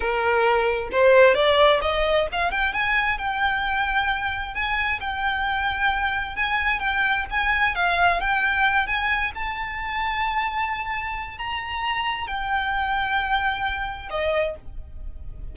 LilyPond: \new Staff \with { instrumentName = "violin" } { \time 4/4 \tempo 4 = 132 ais'2 c''4 d''4 | dis''4 f''8 g''8 gis''4 g''4~ | g''2 gis''4 g''4~ | g''2 gis''4 g''4 |
gis''4 f''4 g''4. gis''8~ | gis''8 a''2.~ a''8~ | a''4 ais''2 g''4~ | g''2. dis''4 | }